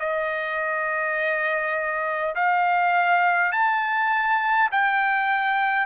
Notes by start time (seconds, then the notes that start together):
0.00 D#5
2.36 F5
3.52 A5
4.72 G5